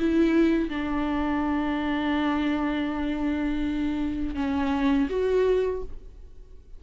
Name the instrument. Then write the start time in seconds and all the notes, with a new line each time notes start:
viola
0.00 E4
0.70 D4
4.36 C#4
5.10 F#4